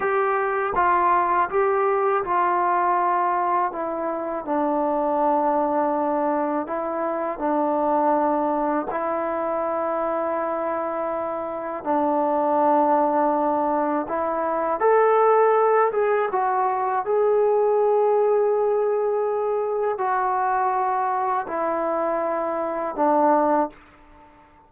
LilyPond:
\new Staff \with { instrumentName = "trombone" } { \time 4/4 \tempo 4 = 81 g'4 f'4 g'4 f'4~ | f'4 e'4 d'2~ | d'4 e'4 d'2 | e'1 |
d'2. e'4 | a'4. gis'8 fis'4 gis'4~ | gis'2. fis'4~ | fis'4 e'2 d'4 | }